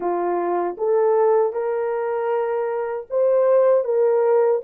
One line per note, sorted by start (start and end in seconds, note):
0.00 0.76 F4
0.77 1.52 A4
1.52 3.06 A#4
3.09 3.84 C5
3.84 4.61 A#4